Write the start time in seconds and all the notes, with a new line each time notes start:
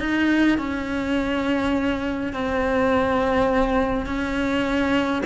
0.00 D#4
0.58 C#4
2.33 C4
4.06 C#4